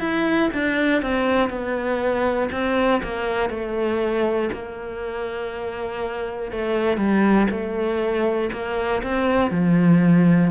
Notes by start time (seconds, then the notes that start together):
0.00 E4
0.54 D4
1.02 C4
1.50 B3
2.52 C4
3.04 A#3
3.50 A3
4.53 A#3
6.52 A3
6.98 G3
7.51 A3
8.53 A#3
9.04 C4
9.51 F3